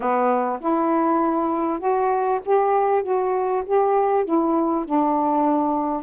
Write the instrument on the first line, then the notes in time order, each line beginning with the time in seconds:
saxophone
0.00 B3
0.60 E4
1.79 F#4
2.45 G4
3.02 F#4
3.65 G4
4.24 E4
4.85 D4